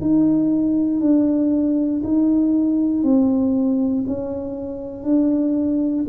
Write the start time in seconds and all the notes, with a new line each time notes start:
0.00 D#4
1.00 D4
2.03 D#4
3.03 C4
4.07 C#4
5.03 D4